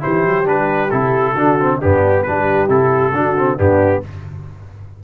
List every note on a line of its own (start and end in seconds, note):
0.00 0.26 E3
0.00 0.44 E4
0.00 1.33 G4
0.00 0.47 C5
0.26 0.47 F#3
0.45 0.92 G3
0.45 0.89 D4
0.45 0.90 B4
0.90 1.34 C3
0.90 1.36 E4
0.90 1.79 A4
1.33 1.79 D3
1.33 1.59 D4
1.33 1.78 F#4
1.59 1.82 C4
1.79 2.28 G2
1.79 2.26 B3
1.79 2.24 D4
1.79 2.23 G4
2.23 2.68 G3
2.23 2.68 D4
2.23 3.14 G4
2.23 2.67 B4
2.68 3.11 C3
2.68 3.13 E4
2.68 3.59 A4
3.11 3.56 D3
3.11 3.37 D4
3.11 3.57 F#4
3.38 3.57 C4
3.57 4.03 G2
3.57 4.02 B3
3.57 4.02 D4
3.57 4.03 G4